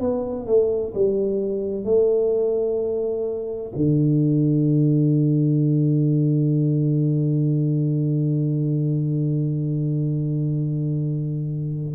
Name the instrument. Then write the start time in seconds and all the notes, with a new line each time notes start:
tuba
0.00 B3
0.47 A3
0.95 G3
1.85 A3
3.76 D3